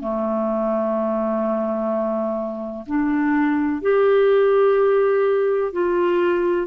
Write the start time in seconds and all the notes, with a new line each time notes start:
0.00 A3
2.87 D4
3.82 G4
5.72 F4